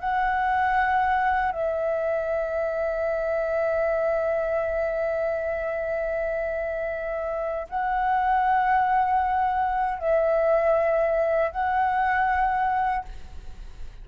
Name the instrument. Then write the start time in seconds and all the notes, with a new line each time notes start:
flute
0.00 F#5
1.52 E5
7.70 F#5
9.99 E5
11.52 F#5